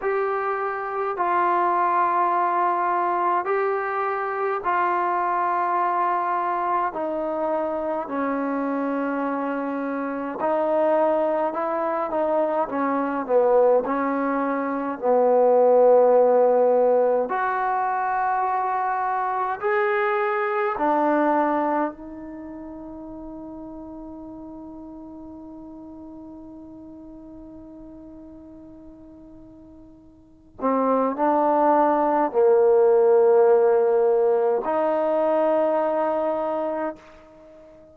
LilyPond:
\new Staff \with { instrumentName = "trombone" } { \time 4/4 \tempo 4 = 52 g'4 f'2 g'4 | f'2 dis'4 cis'4~ | cis'4 dis'4 e'8 dis'8 cis'8 b8 | cis'4 b2 fis'4~ |
fis'4 gis'4 d'4 dis'4~ | dis'1~ | dis'2~ dis'8 c'8 d'4 | ais2 dis'2 | }